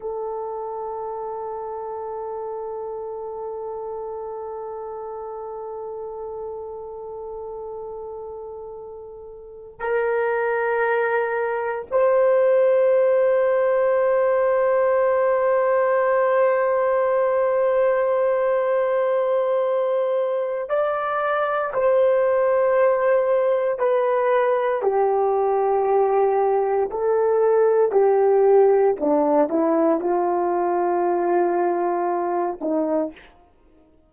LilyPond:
\new Staff \with { instrumentName = "horn" } { \time 4/4 \tempo 4 = 58 a'1~ | a'1~ | a'4. ais'2 c''8~ | c''1~ |
c''1 | d''4 c''2 b'4 | g'2 a'4 g'4 | d'8 e'8 f'2~ f'8 dis'8 | }